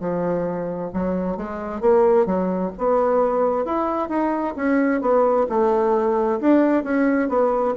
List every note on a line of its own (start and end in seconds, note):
0.00 0.91 F3
0.93 1.37 F#3
1.37 1.81 G#3
1.81 2.26 A#3
2.26 2.71 F#3
2.78 3.65 B3
3.65 4.09 E4
4.09 4.54 D#4
4.56 5.01 C#4
5.01 5.47 B3
5.49 6.40 A3
6.40 6.83 D4
6.83 7.29 C#4
7.29 7.74 B3